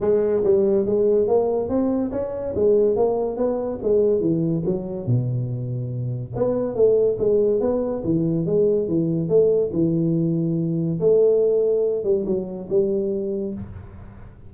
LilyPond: \new Staff \with { instrumentName = "tuba" } { \time 4/4 \tempo 4 = 142 gis4 g4 gis4 ais4 | c'4 cis'4 gis4 ais4 | b4 gis4 e4 fis4 | b,2. b4 |
a4 gis4 b4 e4 | gis4 e4 a4 e4~ | e2 a2~ | a8 g8 fis4 g2 | }